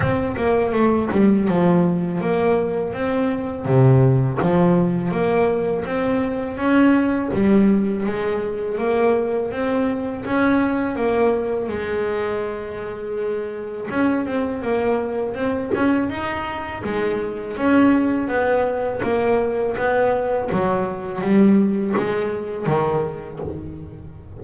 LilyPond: \new Staff \with { instrumentName = "double bass" } { \time 4/4 \tempo 4 = 82 c'8 ais8 a8 g8 f4 ais4 | c'4 c4 f4 ais4 | c'4 cis'4 g4 gis4 | ais4 c'4 cis'4 ais4 |
gis2. cis'8 c'8 | ais4 c'8 cis'8 dis'4 gis4 | cis'4 b4 ais4 b4 | fis4 g4 gis4 dis4 | }